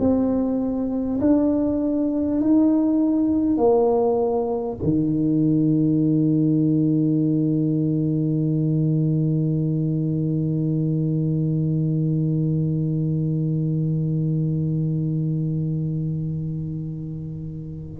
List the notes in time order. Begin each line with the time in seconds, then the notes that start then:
0.00 C4
1.21 D4
2.41 D#4
3.57 A#3
4.83 D#3